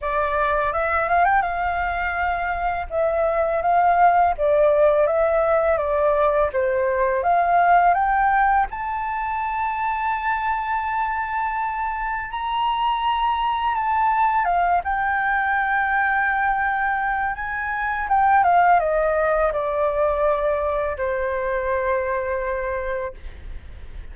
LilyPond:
\new Staff \with { instrumentName = "flute" } { \time 4/4 \tempo 4 = 83 d''4 e''8 f''16 g''16 f''2 | e''4 f''4 d''4 e''4 | d''4 c''4 f''4 g''4 | a''1~ |
a''4 ais''2 a''4 | f''8 g''2.~ g''8 | gis''4 g''8 f''8 dis''4 d''4~ | d''4 c''2. | }